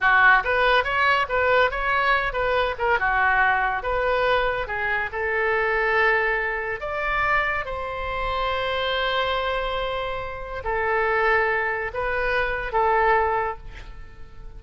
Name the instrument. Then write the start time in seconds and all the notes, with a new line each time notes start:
oboe
0.00 F#4
0.44 B4
0.83 C#5
1.28 B4
1.70 C#5
2.32 B4
2.78 A#4
2.99 F#4
3.83 B4
4.67 G#4
5.12 A4
6.80 D5
7.65 C5
10.64 A4
11.93 B4
12.72 A4